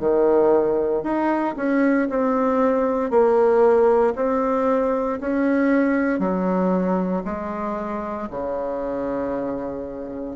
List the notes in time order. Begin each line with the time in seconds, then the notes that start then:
0.00 D#3
1.03 D#4
1.57 C#4
2.10 C4
3.10 A#3
4.16 C4
5.21 C#4
6.20 F#3
7.25 G#3
8.31 C#3